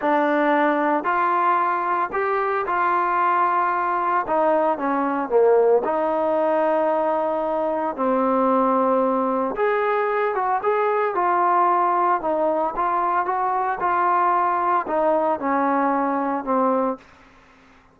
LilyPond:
\new Staff \with { instrumentName = "trombone" } { \time 4/4 \tempo 4 = 113 d'2 f'2 | g'4 f'2. | dis'4 cis'4 ais4 dis'4~ | dis'2. c'4~ |
c'2 gis'4. fis'8 | gis'4 f'2 dis'4 | f'4 fis'4 f'2 | dis'4 cis'2 c'4 | }